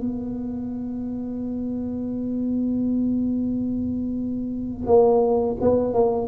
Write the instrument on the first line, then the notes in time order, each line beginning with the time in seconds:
tuba
0.00 B3
4.86 A#3
5.60 B3
5.93 A#3